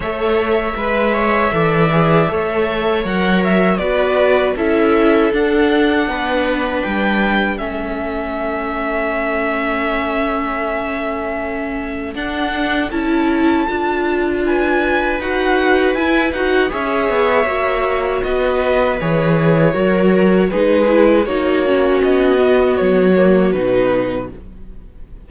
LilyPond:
<<
  \new Staff \with { instrumentName = "violin" } { \time 4/4 \tempo 4 = 79 e''1 | fis''8 e''8 d''4 e''4 fis''4~ | fis''4 g''4 e''2~ | e''1 |
fis''4 a''2 gis''4 | fis''4 gis''8 fis''8 e''2 | dis''4 cis''2 b'4 | cis''4 dis''4 cis''4 b'4 | }
  \new Staff \with { instrumentName = "viola" } { \time 4/4 cis''4 b'8 cis''8 d''4 cis''4~ | cis''4 b'4 a'2 | b'2 a'2~ | a'1~ |
a'2. b'4~ | b'2 cis''2 | b'2 ais'4 gis'4 | fis'1 | }
  \new Staff \with { instrumentName = "viola" } { \time 4/4 a'4 b'4 a'8 gis'8 a'4 | ais'4 fis'4 e'4 d'4~ | d'2 cis'2~ | cis'1 |
d'4 e'4 f'2 | fis'4 e'8 fis'8 gis'4 fis'4~ | fis'4 gis'4 fis'4 dis'8 e'8 | dis'8 cis'4 b4 ais8 dis'4 | }
  \new Staff \with { instrumentName = "cello" } { \time 4/4 a4 gis4 e4 a4 | fis4 b4 cis'4 d'4 | b4 g4 a2~ | a1 |
d'4 cis'4 d'2 | dis'4 e'8 dis'8 cis'8 b8 ais4 | b4 e4 fis4 gis4 | ais4 b4 fis4 b,4 | }
>>